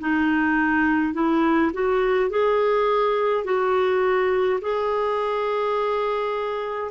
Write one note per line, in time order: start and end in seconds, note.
0.00 1.14 D#4
1.14 1.72 E4
1.74 2.30 F#4
2.30 3.45 G#4
3.45 4.60 F#4
4.61 6.91 G#4